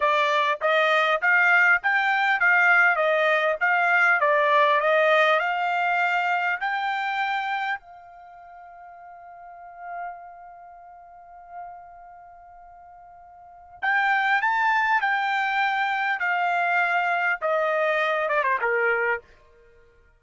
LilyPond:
\new Staff \with { instrumentName = "trumpet" } { \time 4/4 \tempo 4 = 100 d''4 dis''4 f''4 g''4 | f''4 dis''4 f''4 d''4 | dis''4 f''2 g''4~ | g''4 f''2.~ |
f''1~ | f''2. g''4 | a''4 g''2 f''4~ | f''4 dis''4. d''16 c''16 ais'4 | }